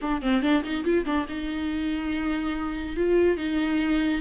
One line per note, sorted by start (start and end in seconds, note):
0.01 0.22 D4
0.22 0.42 C4
0.42 0.63 D4
0.63 0.84 D#4
0.84 1.05 F4
1.05 1.26 D4
1.28 2.96 D#4
2.96 3.37 F4
3.37 4.21 D#4